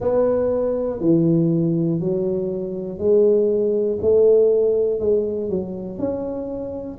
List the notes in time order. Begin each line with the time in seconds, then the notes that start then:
0.00 B3
1.00 E3
2.00 F#3
2.98 G#3
4.01 A3
4.99 G#3
5.50 F#3
5.99 C#4